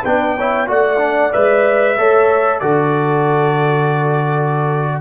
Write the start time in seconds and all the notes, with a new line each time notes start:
0.00 B3 D4 B4 G5
0.37 E4 C#5
0.67 A3 F#4 D5 F#5
0.97 D4
1.32 G#3 B4 E5
1.97 A3 A4 C#5
2.59 D3 F#4 A4 D5